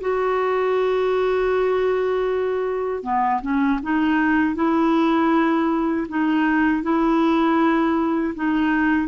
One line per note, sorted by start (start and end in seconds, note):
0.00 3.03 F#4
3.03 3.41 B3
3.41 3.79 C#4
3.82 4.54 D#4
4.54 6.06 E4
6.08 6.82 D#4
6.82 8.34 E4
8.34 9.07 D#4